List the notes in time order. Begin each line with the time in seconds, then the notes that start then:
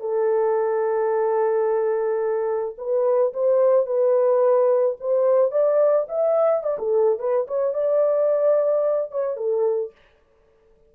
0.00 A4
2.78 B4
3.33 C5
3.86 B4
5.00 C5
5.51 D5
6.09 E5
6.64 D5
6.79 A4
7.19 B4
7.47 C#5
7.74 D5
9.12 C#5
9.37 A4